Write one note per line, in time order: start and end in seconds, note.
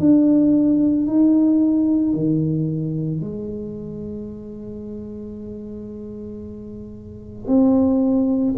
0.00 1.07 D4
1.07 2.14 D#4
2.14 3.21 D#3
3.21 7.48 G#3
7.48 8.55 C4